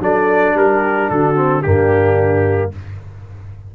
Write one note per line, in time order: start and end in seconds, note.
0.00 0.54 F#3
0.00 1.36 D4
0.00 0.57 A4
0.00 0.57 D5
0.54 1.09 G3
0.54 1.11 G4
0.54 1.10 A#4
1.10 1.65 D3
1.10 1.65 F#4
1.10 1.62 A4
1.36 1.63 C4
1.62 2.75 G2
1.62 2.72 A#3
1.62 2.74 D4
1.62 2.71 G4